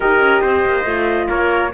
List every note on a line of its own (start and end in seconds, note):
0.00 0.19 D#4
0.00 0.85 G4
0.00 0.41 A#4
0.00 1.29 D#5
0.19 0.41 C#4
0.41 0.64 C4
0.41 1.27 C5
0.65 0.85 A#3
0.85 1.28 A3
0.85 1.72 F4
1.29 1.73 A#3
1.29 1.72 A#4
1.29 1.72 C#5